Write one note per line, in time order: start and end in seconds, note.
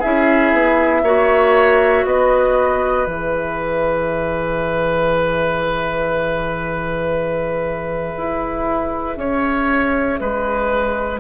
0.00 0.53 C#4
0.00 1.04 E4
0.00 1.02 G#4
0.00 2.06 E5
0.53 1.03 B3
1.03 2.05 A#3
1.03 3.07 F#4
1.03 2.06 C#5
2.06 3.07 B3
2.06 9.19 B4
2.06 3.05 D#5
3.05 8.15 E3
3.05 11.20 G#4
3.05 11.19 E5
8.17 9.17 E4
9.17 10.19 C#4
9.17 10.20 C#5
10.20 11.20 G#3
10.20 11.20 B4